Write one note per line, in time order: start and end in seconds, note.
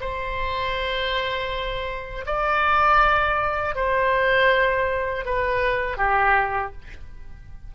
0.00 2.25 C5
2.26 3.75 D5
3.75 5.25 C5
5.25 5.97 B4
5.97 6.72 G4